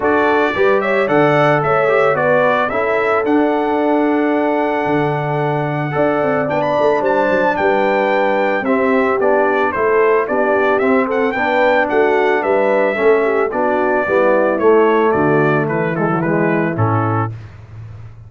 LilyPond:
<<
  \new Staff \with { instrumentName = "trumpet" } { \time 4/4 \tempo 4 = 111 d''4. e''8 fis''4 e''4 | d''4 e''4 fis''2~ | fis''1 | g''16 b''8. a''4 g''2 |
e''4 d''4 c''4 d''4 | e''8 fis''8 g''4 fis''4 e''4~ | e''4 d''2 cis''4 | d''4 b'8 a'8 b'4 a'4 | }
  \new Staff \with { instrumentName = "horn" } { \time 4/4 a'4 b'8 cis''8 d''4 cis''4 | b'4 a'2.~ | a'2. d''4~ | d''4 c''4 b'2 |
g'2 a'4 g'4~ | g'8 a'8 b'4 fis'4 b'4 | a'8 g'8 fis'4 e'2 | fis'4 e'2. | }
  \new Staff \with { instrumentName = "trombone" } { \time 4/4 fis'4 g'4 a'4. g'8 | fis'4 e'4 d'2~ | d'2. a'4 | d'1 |
c'4 d'4 e'4 d'4 | c'4 d'2. | cis'4 d'4 b4 a4~ | a4. gis16 fis16 gis4 cis'4 | }
  \new Staff \with { instrumentName = "tuba" } { \time 4/4 d'4 g4 d4 a4 | b4 cis'4 d'2~ | d'4 d2 d'8 c'8 | b8 a8 g8 fis8 g2 |
c'4 b4 a4 b4 | c'4 b4 a4 g4 | a4 b4 g4 a4 | d4 e2 a,4 | }
>>